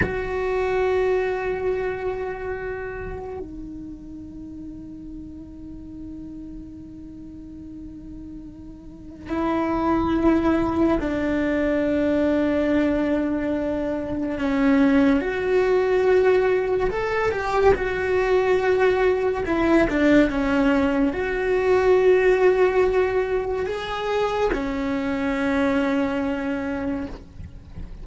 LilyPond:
\new Staff \with { instrumentName = "cello" } { \time 4/4 \tempo 4 = 71 fis'1 | dis'1~ | dis'2. e'4~ | e'4 d'2.~ |
d'4 cis'4 fis'2 | a'8 g'8 fis'2 e'8 d'8 | cis'4 fis'2. | gis'4 cis'2. | }